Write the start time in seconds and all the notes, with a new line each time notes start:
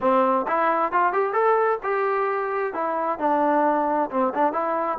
0.00 C4
0.47 E4
0.92 F4
1.12 G4
1.33 A4
1.83 G4
2.73 E4
3.19 D4
4.10 C4
4.34 D4
4.52 E4